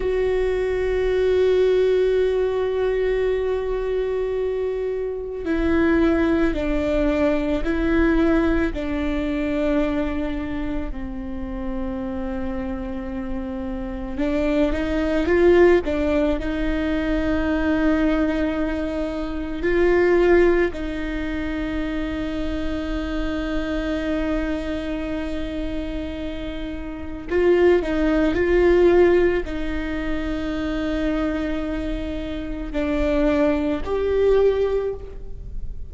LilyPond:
\new Staff \with { instrumentName = "viola" } { \time 4/4 \tempo 4 = 55 fis'1~ | fis'4 e'4 d'4 e'4 | d'2 c'2~ | c'4 d'8 dis'8 f'8 d'8 dis'4~ |
dis'2 f'4 dis'4~ | dis'1~ | dis'4 f'8 dis'8 f'4 dis'4~ | dis'2 d'4 g'4 | }